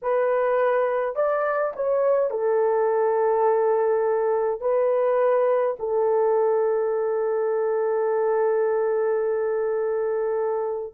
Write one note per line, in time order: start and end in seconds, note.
0.02 1.15 B4
1.15 1.73 D5
1.75 2.30 C#5
2.30 4.60 A4
4.60 5.76 B4
5.79 10.93 A4